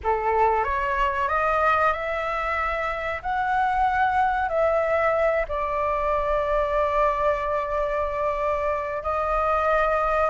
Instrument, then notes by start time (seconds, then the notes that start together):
flute
0.03 A4
0.64 C#5
1.28 D#5
1.92 E5
3.22 F#5
4.48 E5
5.48 D5
9.02 D#5